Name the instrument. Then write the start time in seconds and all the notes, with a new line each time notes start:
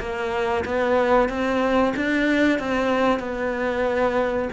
cello
0.00 A#3
0.65 B3
1.29 C4
1.96 D4
2.59 C4
3.20 B3